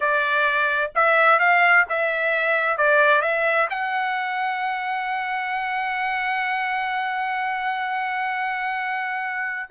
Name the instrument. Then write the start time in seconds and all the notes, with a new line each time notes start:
trumpet
0.00 D5
0.95 E5
1.39 F5
1.89 E5
2.77 D5
3.21 E5
3.70 F#5